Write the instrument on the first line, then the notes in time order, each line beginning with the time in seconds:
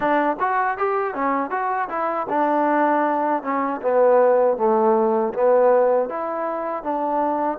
trombone
0.00 D4
0.39 F#4
0.77 G4
1.14 C#4
1.50 F#4
1.88 E4
2.29 D4
3.42 C#4
3.81 B3
4.57 A3
5.33 B3
6.09 E4
6.83 D4